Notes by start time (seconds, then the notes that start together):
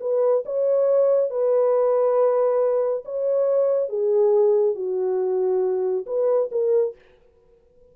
0.00 B4
0.45 C#5
1.30 B4
3.05 C#5
3.89 G#4
4.75 F#4
6.06 B4
6.51 A#4